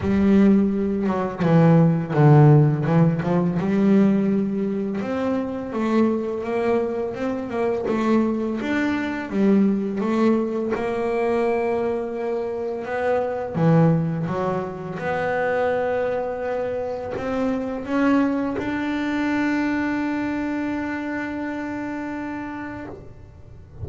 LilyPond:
\new Staff \with { instrumentName = "double bass" } { \time 4/4 \tempo 4 = 84 g4. fis8 e4 d4 | e8 f8 g2 c'4 | a4 ais4 c'8 ais8 a4 | d'4 g4 a4 ais4~ |
ais2 b4 e4 | fis4 b2. | c'4 cis'4 d'2~ | d'1 | }